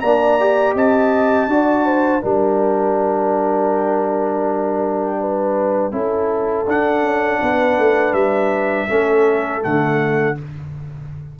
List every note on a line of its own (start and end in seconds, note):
0.00 0.75 A#3
0.00 0.40 D4
0.00 0.75 D5
0.00 0.74 A#5
0.40 1.50 G4
0.75 1.48 C4
0.75 1.49 D#5
0.75 2.25 A5
1.48 2.22 D4
1.48 2.21 F#4
1.48 1.86 D5
1.86 2.22 C5
2.21 5.93 G3
2.21 5.92 D4
2.21 5.19 A#4
2.21 6.69 G5
5.20 5.93 B4
5.92 6.67 C#4
5.92 6.66 E4
5.92 7.41 A4
6.67 7.03 D4
6.67 8.89 D4
6.67 8.14 F#5
7.03 7.40 C#4
7.42 7.78 B3
7.42 8.89 B4
7.78 8.13 A3
8.13 8.87 G3
8.13 9.62 E5
8.89 9.64 A3
8.89 9.61 C#4
8.89 10.37 A4
9.61 10.40 D3
9.61 10.35 A3
9.61 10.38 F#5